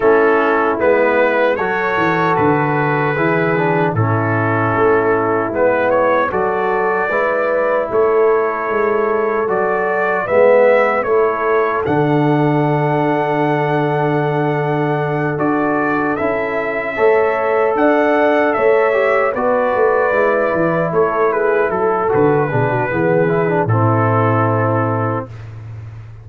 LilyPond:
<<
  \new Staff \with { instrumentName = "trumpet" } { \time 4/4 \tempo 4 = 76 a'4 b'4 cis''4 b'4~ | b'4 a'2 b'8 cis''8 | d''2 cis''2 | d''4 e''4 cis''4 fis''4~ |
fis''2.~ fis''8 d''8~ | d''8 e''2 fis''4 e''8~ | e''8 d''2 cis''8 b'8 a'8 | b'2 a'2 | }
  \new Staff \with { instrumentName = "horn" } { \time 4/4 e'2 a'2 | gis'4 e'2. | a'4 b'4 a'2~ | a'4 b'4 a'2~ |
a'1~ | a'4. cis''4 d''4 cis''8~ | cis''8 b'2 a'8 gis'8 a'8~ | a'8 gis'16 fis'16 gis'4 e'2 | }
  \new Staff \with { instrumentName = "trombone" } { \time 4/4 cis'4 b4 fis'2 | e'8 d'8 cis'2 b4 | fis'4 e'2. | fis'4 b4 e'4 d'4~ |
d'2.~ d'8 fis'8~ | fis'8 e'4 a'2~ a'8 | g'8 fis'4 e'2~ e'8 | fis'8 d'8 b8 e'16 d'16 c'2 | }
  \new Staff \with { instrumentName = "tuba" } { \time 4/4 a4 gis4 fis8 e8 d4 | e4 a,4 a4 gis4 | fis4 gis4 a4 gis4 | fis4 gis4 a4 d4~ |
d2.~ d8 d'8~ | d'8 cis'4 a4 d'4 a8~ | a8 b8 a8 gis8 e8 a4 fis8 | d8 b,8 e4 a,2 | }
>>